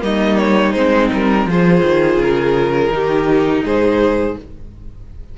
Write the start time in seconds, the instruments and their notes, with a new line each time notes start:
0.00 cello G3, viola A#3, violin D#4 D#5
0.38 violin C#5
0.73 cello G#3, viola C4, violin C5
1.13 cello G3, violin A#4
1.45 cello F3, viola F4, violin G#4 C5
1.83 cello D#3
2.17 cello C#3, violin A#4
2.90 cello D#3, viola D#4, violin G4
3.64 cello G#2, violin G#4 C5